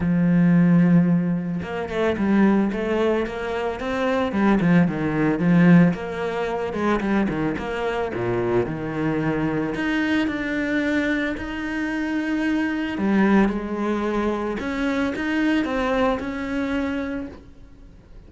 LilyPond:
\new Staff \with { instrumentName = "cello" } { \time 4/4 \tempo 4 = 111 f2. ais8 a8 | g4 a4 ais4 c'4 | g8 f8 dis4 f4 ais4~ | ais8 gis8 g8 dis8 ais4 ais,4 |
dis2 dis'4 d'4~ | d'4 dis'2. | g4 gis2 cis'4 | dis'4 c'4 cis'2 | }